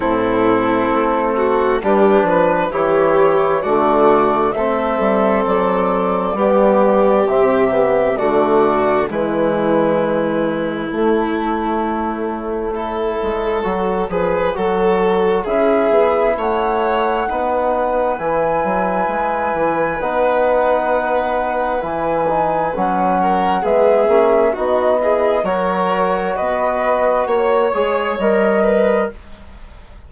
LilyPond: <<
  \new Staff \with { instrumentName = "flute" } { \time 4/4 \tempo 4 = 66 a'2 b'4 cis''4 | d''4 e''4 d''2 | e''4 d''4 b'2 | cis''1~ |
cis''4 e''4 fis''2 | gis''2 fis''2 | gis''4 fis''4 e''4 dis''4 | cis''4 dis''4 cis''4 dis''4 | }
  \new Staff \with { instrumentName = "violin" } { \time 4/4 e'4. fis'8 g'8 b'8 g'4 | fis'4 a'2 g'4~ | g'4 fis'4 e'2~ | e'2 a'4. b'8 |
a'4 gis'4 cis''4 b'4~ | b'1~ | b'4. ais'8 gis'4 fis'8 gis'8 | ais'4 b'4 cis''4. b'8 | }
  \new Staff \with { instrumentName = "trombone" } { \time 4/4 c'2 d'4 e'4 | a4 c'2 b4 | c'8 b8 a4 gis2 | a2 e'4 fis'8 gis'8 |
fis'4 e'2 dis'4 | e'2 dis'2 | e'8 dis'8 cis'4 b8 cis'8 dis'8 e'8 | fis'2~ fis'8 gis'8 ais'4 | }
  \new Staff \with { instrumentName = "bassoon" } { \time 4/4 a,4 a4 g8 f8 e4 | d4 a8 g8 fis4 g4 | c4 d4 e2 | a2~ a8 gis8 fis8 f8 |
fis4 cis'8 b8 a4 b4 | e8 fis8 gis8 e8 b2 | e4 fis4 gis8 ais8 b4 | fis4 b4 ais8 gis8 g4 | }
>>